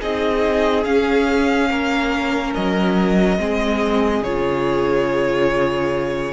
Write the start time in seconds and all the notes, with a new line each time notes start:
0.00 C4 D#4 G#4 D#5
0.84 C#4 F5
1.70 A#3 A#4
2.54 F#3 D#5
3.38 G#3 C4 G#4
4.21 C#3 F4 C#5